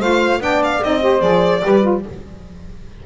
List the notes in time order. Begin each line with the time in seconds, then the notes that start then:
0.00 A3 F4 C5 F5
0.40 B3 D4 D5 G5
0.64 F5
0.82 C4 D#4 D#5
1.01 G4 C5
1.20 F3 G#4 D5
1.62 G3 G4 B4
1.82 F4